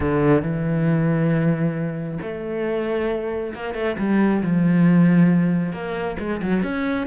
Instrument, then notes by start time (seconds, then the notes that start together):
cello
0.00 D3
0.42 E3
2.21 A3
3.54 A#3
3.74 A3
3.98 G3
4.43 F3
5.72 A#3
6.19 G#3
6.42 F#3
6.63 C#4